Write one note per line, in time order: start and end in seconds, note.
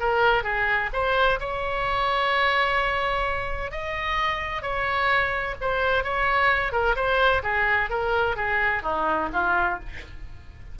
0.00 0.43 A#4
0.43 0.90 G#4
0.93 1.40 C5
1.40 3.72 C#5
3.72 4.62 D#5
4.62 5.55 C#5
5.61 6.04 C5
6.04 6.72 C#5
6.72 6.96 A#4
6.96 7.42 C5
7.43 7.90 G#4
7.90 8.36 A#4
8.36 8.83 G#4
8.83 9.29 D#4
9.33 9.79 F4